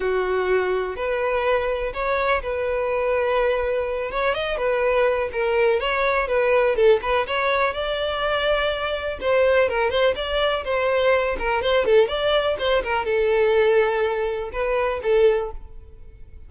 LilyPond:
\new Staff \with { instrumentName = "violin" } { \time 4/4 \tempo 4 = 124 fis'2 b'2 | cis''4 b'2.~ | b'8 cis''8 dis''8 b'4. ais'4 | cis''4 b'4 a'8 b'8 cis''4 |
d''2. c''4 | ais'8 c''8 d''4 c''4. ais'8 | c''8 a'8 d''4 c''8 ais'8 a'4~ | a'2 b'4 a'4 | }